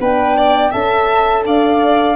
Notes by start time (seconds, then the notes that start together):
0.00 B3 D4 B4 G5
0.37 D5
0.71 C#4 A4 E5 A5
1.45 D4 D5 F5